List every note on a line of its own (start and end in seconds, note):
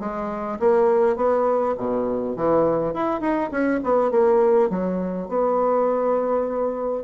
0.00 0.59 G#3
0.60 1.17 A#3
1.17 1.76 B3
1.78 2.37 B2
2.37 2.94 E3
2.94 3.21 E4
3.21 3.51 D#4
3.51 3.81 C#4
3.84 4.11 B3
4.11 4.70 A#3
4.70 5.29 F#3
5.29 7.04 B3